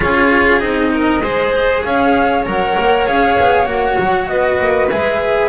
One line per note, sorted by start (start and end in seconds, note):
0.00 0.60 C#4
0.00 0.60 F4
0.00 0.91 G#4
0.00 0.59 C#5
0.59 1.21 C4
0.59 1.21 D#4
0.59 1.82 D#5
0.93 1.22 A#4
1.21 1.83 G#3
1.21 2.46 G#4
1.21 1.83 C5
1.84 2.46 C#4
1.84 4.31 C#5
1.84 2.45 F5
2.46 2.76 F#3
2.46 3.06 A#4
2.46 3.07 F#5
2.79 3.07 A#3
3.06 3.37 C#4
3.06 3.65 G#4
3.06 3.68 F5
3.39 3.66 B3
3.65 3.96 A#3
3.65 4.88 F#4
3.65 4.28 F#5
3.99 4.28 F#3
4.28 4.59 B3
4.28 5.49 B4
4.28 4.89 D#5
4.59 4.90 A#3
4.90 5.49 G#3
4.90 5.49 G#4
4.90 5.49 E5